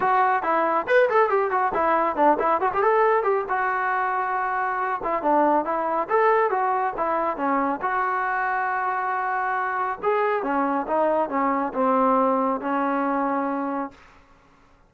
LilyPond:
\new Staff \with { instrumentName = "trombone" } { \time 4/4 \tempo 4 = 138 fis'4 e'4 b'8 a'8 g'8 fis'8 | e'4 d'8 e'8 fis'16 g'16 a'4 g'8 | fis'2.~ fis'8 e'8 | d'4 e'4 a'4 fis'4 |
e'4 cis'4 fis'2~ | fis'2. gis'4 | cis'4 dis'4 cis'4 c'4~ | c'4 cis'2. | }